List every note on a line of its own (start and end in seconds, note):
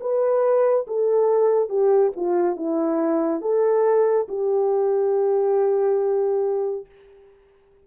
0.00 0.86 B4
0.87 1.69 A4
1.69 2.12 G4
2.16 2.56 F4
2.56 3.41 E4
3.41 4.27 A4
4.28 6.85 G4